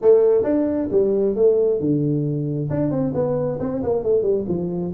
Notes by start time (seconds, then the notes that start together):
0.01 A3
0.43 D4
0.91 G3
1.35 A3
1.80 D3
2.70 D4
2.90 C4
3.14 B3
3.59 C4
3.83 A#3
4.03 A3
4.22 G3
4.48 F3